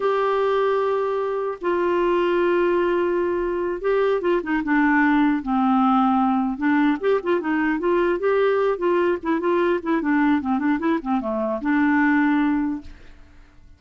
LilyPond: \new Staff \with { instrumentName = "clarinet" } { \time 4/4 \tempo 4 = 150 g'1 | f'1~ | f'4. g'4 f'8 dis'8 d'8~ | d'4. c'2~ c'8~ |
c'8 d'4 g'8 f'8 dis'4 f'8~ | f'8 g'4. f'4 e'8 f'8~ | f'8 e'8 d'4 c'8 d'8 e'8 c'8 | a4 d'2. | }